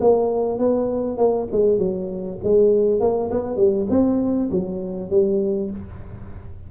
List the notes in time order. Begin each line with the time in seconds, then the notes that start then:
0.00 A#3
0.59 B3
1.18 A#3
1.52 G#3
1.78 F#3
2.44 G#3
3.00 A#3
3.31 B3
3.57 G3
3.90 C4
4.51 F#3
5.10 G3